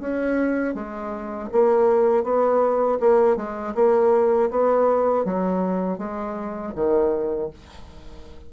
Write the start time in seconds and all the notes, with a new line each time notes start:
0.00 C#4
0.74 G#3
1.52 A#3
2.23 B3
3.00 A#3
3.36 G#3
3.75 A#3
4.50 B3
5.25 F#3
5.98 G#3
6.75 D#3